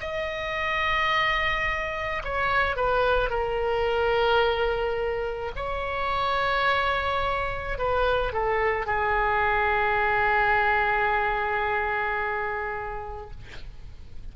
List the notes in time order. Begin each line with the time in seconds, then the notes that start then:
0.00 D#5
2.24 C#5
2.76 B4
3.30 A#4
5.56 C#5
7.78 B4
8.32 A4
8.86 G#4